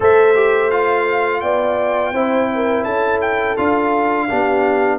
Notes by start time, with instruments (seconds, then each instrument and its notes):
0.00 tuba A3, trombone A4, horn C5, trumpet E5
0.35 trombone G4
0.70 trombone F4, trumpet F5
1.40 tuba B3, horn D5, trumpet G5
2.12 tuba C4, trombone E4, horn C5
2.54 horn A#4
2.84 tuba C#4, horn A4, trumpet A5
3.21 trumpet G5
3.57 tuba D4, trombone F4, trumpet F5
4.27 tuba B3, trombone D4, horn G4